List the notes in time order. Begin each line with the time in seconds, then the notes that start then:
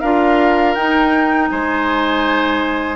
0.00 D4 F4 A#4 F5
0.74 D#4 G5
1.48 G#3 C5 G#5